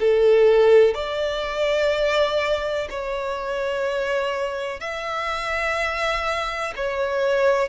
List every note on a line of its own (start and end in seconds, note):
0.00 0.95 A4
0.95 2.89 D5
2.91 4.80 C#5
4.80 6.74 E5
6.76 7.69 C#5